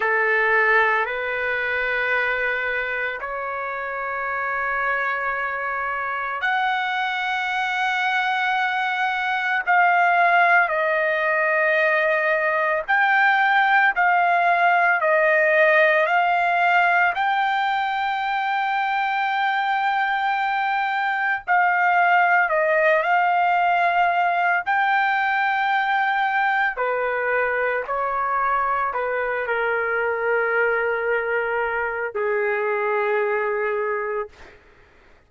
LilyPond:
\new Staff \with { instrumentName = "trumpet" } { \time 4/4 \tempo 4 = 56 a'4 b'2 cis''4~ | cis''2 fis''2~ | fis''4 f''4 dis''2 | g''4 f''4 dis''4 f''4 |
g''1 | f''4 dis''8 f''4. g''4~ | g''4 b'4 cis''4 b'8 ais'8~ | ais'2 gis'2 | }